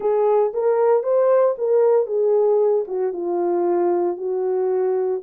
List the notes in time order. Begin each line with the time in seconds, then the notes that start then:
0.00 G#4
0.53 A#4
1.03 C5
1.58 A#4
2.06 G#4
2.87 F#4
3.12 F4
4.17 F#4